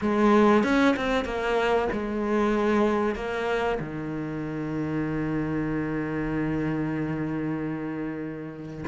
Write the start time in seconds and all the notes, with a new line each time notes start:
0.01 G#3
0.63 C#4
0.96 C4
1.25 A#3
1.92 G#3
3.15 A#3
3.79 D#3